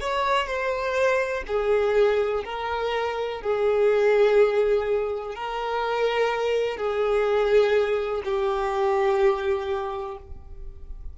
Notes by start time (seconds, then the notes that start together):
0.00 C#5
0.47 C5
1.47 G#4
2.45 A#4
3.42 G#4
5.35 A#4
6.77 G#4
8.25 G4